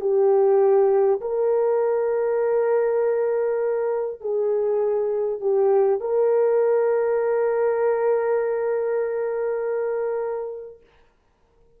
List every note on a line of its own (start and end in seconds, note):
0.00 1.20 G4
1.20 4.20 A#4
4.21 5.40 G#4
5.40 6.00 G4
6.00 10.80 A#4